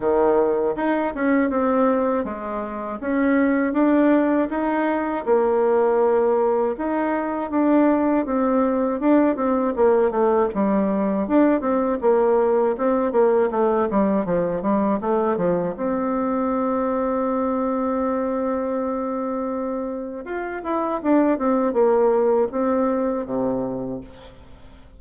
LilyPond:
\new Staff \with { instrumentName = "bassoon" } { \time 4/4 \tempo 4 = 80 dis4 dis'8 cis'8 c'4 gis4 | cis'4 d'4 dis'4 ais4~ | ais4 dis'4 d'4 c'4 | d'8 c'8 ais8 a8 g4 d'8 c'8 |
ais4 c'8 ais8 a8 g8 f8 g8 | a8 f8 c'2.~ | c'2. f'8 e'8 | d'8 c'8 ais4 c'4 c4 | }